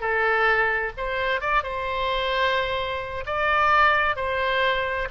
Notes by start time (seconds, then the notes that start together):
0.00 A4
0.97 C5
1.41 D5
1.63 C5
3.26 D5
4.16 C5